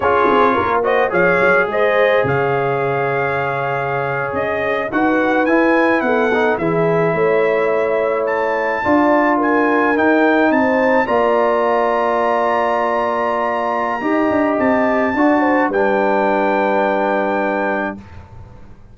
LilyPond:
<<
  \new Staff \with { instrumentName = "trumpet" } { \time 4/4 \tempo 4 = 107 cis''4. dis''8 f''4 dis''4 | f''2.~ f''8. dis''16~ | dis''8. fis''4 gis''4 fis''4 e''16~ | e''2~ e''8. a''4~ a''16~ |
a''8. gis''4 g''4 a''4 ais''16~ | ais''1~ | ais''2 a''2 | g''1 | }
  \new Staff \with { instrumentName = "horn" } { \time 4/4 gis'4 ais'8 c''8 cis''4 c''4 | cis''1~ | cis''8. b'2 a'4 gis'16~ | gis'8. cis''2. d''16~ |
d''8. ais'2 c''4 d''16~ | d''1~ | d''4 dis''2 d''8 c''8 | b'1 | }
  \new Staff \with { instrumentName = "trombone" } { \time 4/4 f'4. fis'8 gis'2~ | gis'1~ | gis'8. fis'4 e'4. dis'8 e'16~ | e'2.~ e'8. f'16~ |
f'4.~ f'16 dis'2 f'16~ | f'1~ | f'4 g'2 fis'4 | d'1 | }
  \new Staff \with { instrumentName = "tuba" } { \time 4/4 cis'8 c'8 ais4 f8 fis8 gis4 | cis2.~ cis8. cis'16~ | cis'8. dis'4 e'4 b4 e16~ | e8. a2. d'16~ |
d'4.~ d'16 dis'4 c'4 ais16~ | ais1~ | ais4 dis'8 d'8 c'4 d'4 | g1 | }
>>